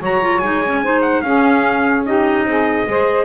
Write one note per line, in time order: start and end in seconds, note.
0.00 0.41 F#3
0.00 0.21 F#4
0.00 0.82 C#5
0.00 0.39 A#5
0.21 0.42 F4
0.39 1.23 G#3
0.39 0.63 D#4
0.39 1.00 G#5
0.66 0.84 C#4
0.83 1.24 D#4
0.83 1.24 C5
1.02 1.22 F#5
1.22 2.45 C#4
1.22 2.05 C#4
1.22 2.06 G#4
1.22 2.03 F5
2.05 2.87 D#4
2.05 2.47 G4
2.05 3.25 D#5
2.45 2.85 C4
2.45 2.89 G#4
2.87 3.25 G#3
2.87 3.25 G#4
2.87 3.25 C5